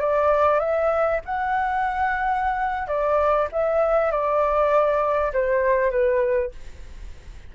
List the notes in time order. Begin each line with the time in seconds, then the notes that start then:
0.00 D5
0.60 E5
1.25 F#5
2.87 D5
3.52 E5
4.11 D5
5.33 C5
5.91 B4